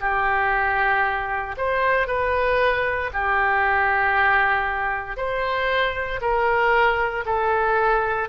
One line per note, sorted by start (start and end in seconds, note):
0.00 1.55 G4
1.57 2.07 C5
2.07 3.10 B4
3.13 5.16 G4
5.16 6.20 C5
6.21 7.24 A#4
7.25 8.29 A4